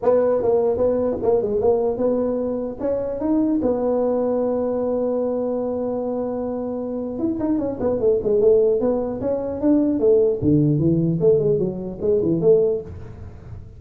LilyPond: \new Staff \with { instrumentName = "tuba" } { \time 4/4 \tempo 4 = 150 b4 ais4 b4 ais8 gis8 | ais4 b2 cis'4 | dis'4 b2.~ | b1~ |
b2 e'8 dis'8 cis'8 b8 | a8 gis8 a4 b4 cis'4 | d'4 a4 d4 e4 | a8 gis8 fis4 gis8 e8 a4 | }